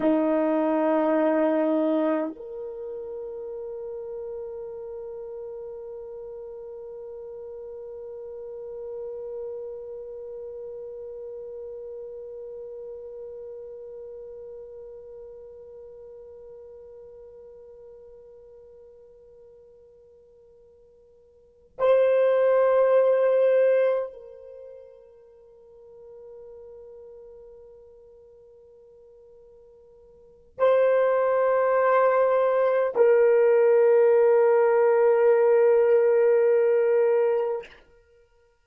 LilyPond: \new Staff \with { instrumentName = "horn" } { \time 4/4 \tempo 4 = 51 dis'2 ais'2~ | ais'1~ | ais'1~ | ais'1~ |
ais'2~ ais'8 c''4.~ | c''8 ais'2.~ ais'8~ | ais'2 c''2 | ais'1 | }